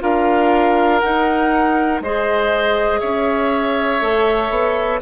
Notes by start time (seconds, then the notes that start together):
0.00 D4 F4 A#4 F5
1.00 D#4 F#5
2.01 G#3 G#4 C5 D#5
3.00 C#4 C#5 E5
4.00 A3 A4
4.50 B3